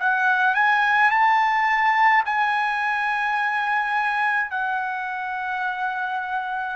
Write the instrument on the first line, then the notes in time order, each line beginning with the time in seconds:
trumpet
0.00 F#5
0.55 G#5
1.11 A5
2.26 G#5
4.51 F#5